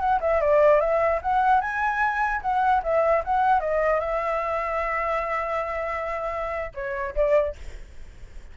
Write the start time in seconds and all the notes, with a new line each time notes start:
0.00 F#5
0.21 E5
0.41 D5
0.81 E5
1.22 F#5
1.61 G#5
2.42 F#5
2.84 E5
3.25 F#5
3.60 D#5
4.00 E5
6.75 C#5
7.16 D5